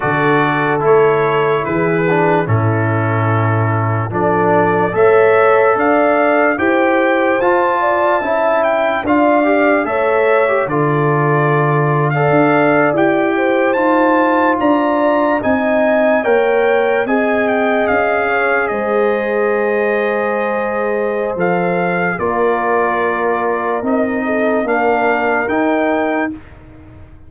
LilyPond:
<<
  \new Staff \with { instrumentName = "trumpet" } { \time 4/4 \tempo 4 = 73 d''4 cis''4 b'4 a'4~ | a'4 d''4 e''4 f''4 | g''4 a''4. g''8 f''4 | e''4 d''4.~ d''16 f''4 g''16~ |
g''8. a''4 ais''4 gis''4 g''16~ | g''8. gis''8 g''8 f''4 dis''4~ dis''16~ | dis''2 f''4 d''4~ | d''4 dis''4 f''4 g''4 | }
  \new Staff \with { instrumentName = "horn" } { \time 4/4 a'2 gis'4 e'4~ | e'4 a'4 cis''4 d''4 | c''4. d''8 e''4 d''4 | cis''4 a'4.~ a'16 d''4~ d''16~ |
d''16 c''4. d''4 dis''4 cis''16~ | cis''8. dis''4. cis''8 c''4~ c''16~ | c''2. ais'4~ | ais'4. a'8 ais'2 | }
  \new Staff \with { instrumentName = "trombone" } { \time 4/4 fis'4 e'4. d'8 cis'4~ | cis'4 d'4 a'2 | g'4 f'4 e'4 f'8 g'8 | a'8. g'16 f'4.~ f'16 a'4 g'16~ |
g'8. f'2 dis'4 ais'16~ | ais'8. gis'2.~ gis'16~ | gis'2 a'4 f'4~ | f'4 dis'4 d'4 dis'4 | }
  \new Staff \with { instrumentName = "tuba" } { \time 4/4 d4 a4 e4 a,4~ | a,4 f4 a4 d'4 | e'4 f'4 cis'4 d'4 | a4 d2 d'8. e'16~ |
e'8. dis'4 d'4 c'4 ais16~ | ais8. c'4 cis'4 gis4~ gis16~ | gis2 f4 ais4~ | ais4 c'4 ais4 dis'4 | }
>>